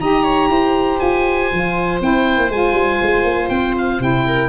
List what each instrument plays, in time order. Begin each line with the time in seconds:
0.00 tuba D#4, saxophone G4, viola D#5, oboe A#5
0.24 viola C#5
0.49 tuba E4, viola C5
0.99 tuba F4, oboe G#5
1.52 tuba F3, saxophone F4
2.00 tuba C4, saxophone E4, oboe G5
2.37 tuba A#3
2.49 tuba G#3, saxophone F4, oboe G#5
2.73 tuba G3
3.01 tuba G#3
3.23 tuba A#3
3.49 tuba C4, oboe G5
3.78 oboe F5
3.99 tuba C3, saxophone E4, oboe G5
4.27 viola A#4